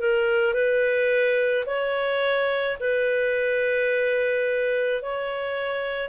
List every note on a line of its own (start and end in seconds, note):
0.00 0.54 A#4
0.54 1.65 B4
1.66 2.77 C#5
2.80 5.02 B4
5.02 6.09 C#5